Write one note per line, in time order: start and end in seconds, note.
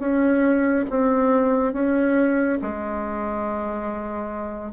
0.00 0.86 C#4
0.90 1.73 C4
1.73 2.59 C#4
2.63 4.73 G#3